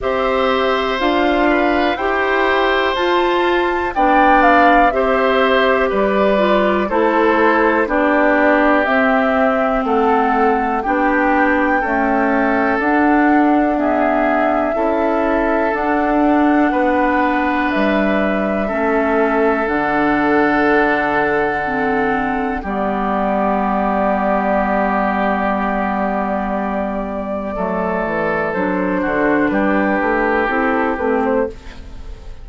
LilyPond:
<<
  \new Staff \with { instrumentName = "flute" } { \time 4/4 \tempo 4 = 61 e''4 f''4 g''4 a''4 | g''8 f''8 e''4 d''4 c''4 | d''4 e''4 fis''4 g''4~ | g''4 fis''4 e''2 |
fis''2 e''2 | fis''2. d''4~ | d''1~ | d''4 c''4 b'4 a'8 b'16 c''16 | }
  \new Staff \with { instrumentName = "oboe" } { \time 4/4 c''4. b'8 c''2 | d''4 c''4 b'4 a'4 | g'2 a'4 g'4 | a'2 gis'4 a'4~ |
a'4 b'2 a'4~ | a'2. g'4~ | g'1 | a'4. fis'8 g'2 | }
  \new Staff \with { instrumentName = "clarinet" } { \time 4/4 g'4 f'4 g'4 f'4 | d'4 g'4. f'8 e'4 | d'4 c'2 d'4 | a4 d'4 b4 e'4 |
d'2. cis'4 | d'2 c'4 b4~ | b1 | a4 d'2 e'8 c'8 | }
  \new Staff \with { instrumentName = "bassoon" } { \time 4/4 c'4 d'4 e'4 f'4 | b4 c'4 g4 a4 | b4 c'4 a4 b4 | cis'4 d'2 cis'4 |
d'4 b4 g4 a4 | d2. g4~ | g1 | fis8 e8 fis8 d8 g8 a8 c'8 a8 | }
>>